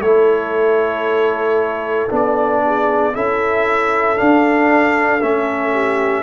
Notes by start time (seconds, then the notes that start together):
0.00 A3 E4 A4 C#5
2.09 B3 D4 D5
2.65 G#4
3.13 C#4 E4 A4 E5
4.17 D4 F5
5.21 A3 C#4 E5
5.72 G4